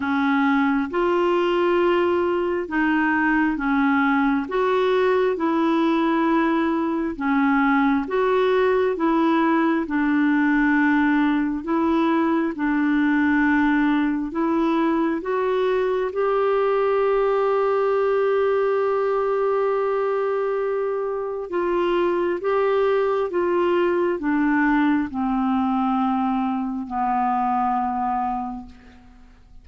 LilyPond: \new Staff \with { instrumentName = "clarinet" } { \time 4/4 \tempo 4 = 67 cis'4 f'2 dis'4 | cis'4 fis'4 e'2 | cis'4 fis'4 e'4 d'4~ | d'4 e'4 d'2 |
e'4 fis'4 g'2~ | g'1 | f'4 g'4 f'4 d'4 | c'2 b2 | }